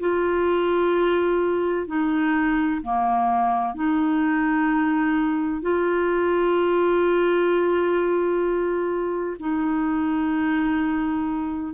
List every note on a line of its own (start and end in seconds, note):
0.00 1.87 F4
1.87 2.81 D#4
2.82 3.75 A#3
3.75 5.62 D#4
5.62 9.37 F4
9.40 11.74 D#4